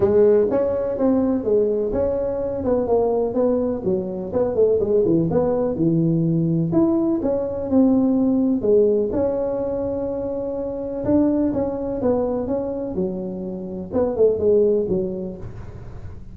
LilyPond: \new Staff \with { instrumentName = "tuba" } { \time 4/4 \tempo 4 = 125 gis4 cis'4 c'4 gis4 | cis'4. b8 ais4 b4 | fis4 b8 a8 gis8 e8 b4 | e2 e'4 cis'4 |
c'2 gis4 cis'4~ | cis'2. d'4 | cis'4 b4 cis'4 fis4~ | fis4 b8 a8 gis4 fis4 | }